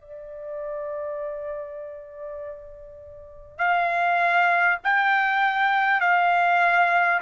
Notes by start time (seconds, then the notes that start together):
0.00 D5
3.58 F5
4.84 G5
6.00 F5